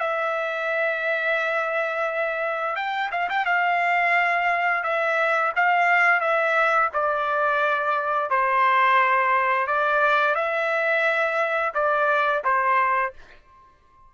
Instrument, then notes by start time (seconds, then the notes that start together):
trumpet
0.00 E5
2.76 G5
3.12 F5
3.29 G5
3.45 F5
4.83 E5
5.56 F5
6.20 E5
6.93 D5
8.30 C5
9.67 D5
10.35 E5
11.74 D5
12.44 C5